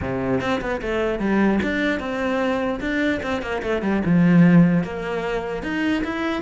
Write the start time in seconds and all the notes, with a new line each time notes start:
0.01 C3
0.40 C4
0.61 B3
0.81 A3
1.19 G3
1.62 D4
1.99 C4
2.80 D4
3.22 C4
3.42 A#3
3.62 A3
3.82 G3
4.05 F3
4.83 A#3
5.63 D#4
6.03 E4